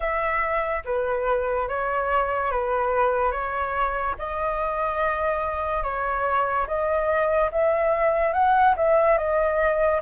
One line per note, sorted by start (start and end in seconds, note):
0.00 0.83 E5
0.84 1.68 B4
1.68 2.51 C#5
2.51 3.31 B4
3.31 4.14 C#5
4.18 5.83 D#5
5.83 6.66 C#5
6.67 7.50 D#5
7.51 8.33 E5
8.33 8.75 F#5
8.76 9.17 E5
9.17 10.00 D#5